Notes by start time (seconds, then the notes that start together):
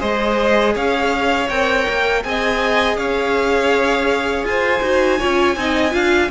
0.00 G#3 G#4 C5 D#5
0.75 C#4 C#5 F5
1.50 C4 A#4 G5
1.89 A#3
2.24 C4 G#4 D#5 G#5
2.97 C#4 C#5 F5
4.44 F4 C5 G#5
4.82 D#4 F#4
5.19 C#4 F4 C#5
5.56 C4 D#4 D#5
5.92 D4 F4 F5